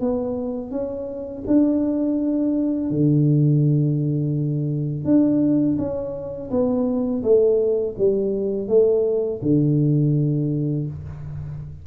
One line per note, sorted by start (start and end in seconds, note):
0.00 0.71 B3
0.71 1.43 C#4
1.47 2.90 D4
2.90 5.04 D3
5.04 5.76 D4
5.78 6.50 C#4
6.50 7.23 B3
7.23 7.95 A3
7.97 8.67 G3
8.67 9.40 A3
9.42 10.86 D3